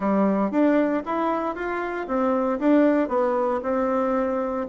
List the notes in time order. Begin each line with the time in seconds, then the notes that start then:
0.00 G3
0.51 D4
1.05 E4
1.55 F4
2.07 C4
2.59 D4
3.08 B3
3.63 C4